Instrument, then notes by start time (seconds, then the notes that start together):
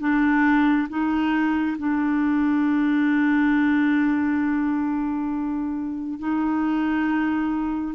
clarinet
0.00 D4
0.89 D#4
1.78 D4
6.19 D#4